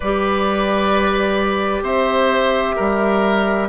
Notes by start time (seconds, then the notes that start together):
0.00 G3 G4 B4 D5
1.82 C4 C5 E5
2.76 G3 A#4